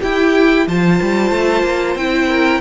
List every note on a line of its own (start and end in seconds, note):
0.00 0.67 E4
0.00 0.65 G4
0.00 0.67 G5
0.67 0.99 F3
0.67 1.99 F4
0.67 2.29 C5
0.67 1.96 A5
1.01 1.30 G3
1.30 1.62 A3
1.62 1.95 A#3
1.95 2.60 C4
1.95 2.60 E4
1.95 2.60 G5
2.29 2.60 A#4